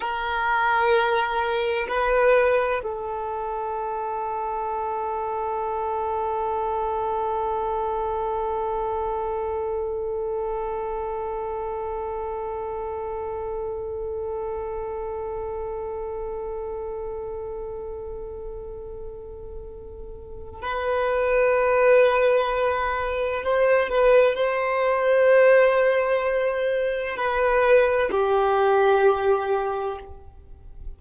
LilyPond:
\new Staff \with { instrumentName = "violin" } { \time 4/4 \tempo 4 = 64 ais'2 b'4 a'4~ | a'1~ | a'1~ | a'1~ |
a'1~ | a'2 b'2~ | b'4 c''8 b'8 c''2~ | c''4 b'4 g'2 | }